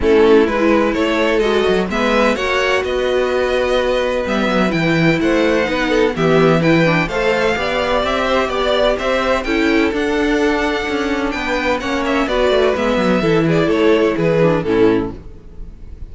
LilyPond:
<<
  \new Staff \with { instrumentName = "violin" } { \time 4/4 \tempo 4 = 127 a'4 b'4 cis''4 dis''4 | e''4 fis''4 dis''2~ | dis''4 e''4 g''4 fis''4~ | fis''4 e''4 g''4 f''4~ |
f''4 e''4 d''4 e''4 | g''4 fis''2. | g''4 fis''8 e''8 d''4 e''4~ | e''8 d''8 cis''4 b'4 a'4 | }
  \new Staff \with { instrumentName = "violin" } { \time 4/4 e'2 a'2 | b'4 cis''4 b'2~ | b'2. c''4 | b'8 a'8 g'4 b'4 c''4 |
d''4. c''8 d''4 c''4 | a'1 | b'4 cis''4 b'2 | a'8 gis'8 a'4 gis'4 e'4 | }
  \new Staff \with { instrumentName = "viola" } { \time 4/4 cis'4 e'2 fis'4 | b4 fis'2.~ | fis'4 b4 e'2 | dis'4 b4 e'8 d'8 a'4 |
g'1 | e'4 d'2.~ | d'4 cis'4 fis'4 b4 | e'2~ e'8 d'8 cis'4 | }
  \new Staff \with { instrumentName = "cello" } { \time 4/4 a4 gis4 a4 gis8 fis8 | gis4 ais4 b2~ | b4 g8 fis8 e4 a4 | b4 e2 a4 |
b4 c'4 b4 c'4 | cis'4 d'2 cis'4 | b4 ais4 b8 a8 gis8 fis8 | e4 a4 e4 a,4 | }
>>